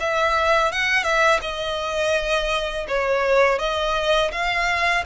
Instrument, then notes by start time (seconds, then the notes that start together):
violin
0.00 E5
0.72 F#5
1.04 E5
1.42 D#5
2.88 C#5
3.59 D#5
4.31 F5